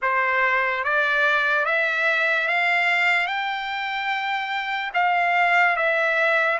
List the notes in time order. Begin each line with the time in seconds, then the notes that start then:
0.01 C5
0.84 D5
1.65 E5
2.48 F5
3.27 G5
4.94 F5
5.76 E5